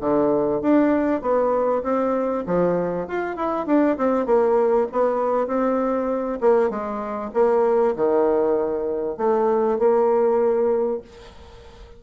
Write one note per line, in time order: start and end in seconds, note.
0.00 0.61 D3
0.61 1.21 D4
1.21 1.82 B3
1.83 2.44 C4
2.46 3.07 F3
3.07 3.36 F4
3.36 3.66 E4
3.66 3.97 D4
3.97 4.26 C4
4.26 4.87 A#3
4.92 5.47 B3
5.47 6.39 C4
6.41 6.70 A#3
6.70 7.31 G#3
7.33 7.95 A#3
7.96 9.17 D#3
9.17 9.78 A3
9.78 11.01 A#3